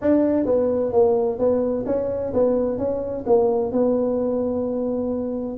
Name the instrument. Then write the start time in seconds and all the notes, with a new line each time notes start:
tuba
0.01 D4
0.45 B3
0.92 A#3
1.38 B3
1.86 C#4
2.33 B3
2.78 C#4
3.26 A#3
3.71 B3